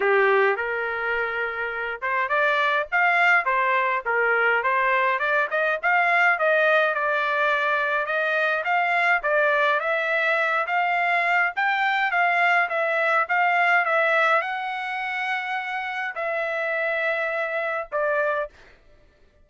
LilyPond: \new Staff \with { instrumentName = "trumpet" } { \time 4/4 \tempo 4 = 104 g'4 ais'2~ ais'8 c''8 | d''4 f''4 c''4 ais'4 | c''4 d''8 dis''8 f''4 dis''4 | d''2 dis''4 f''4 |
d''4 e''4. f''4. | g''4 f''4 e''4 f''4 | e''4 fis''2. | e''2. d''4 | }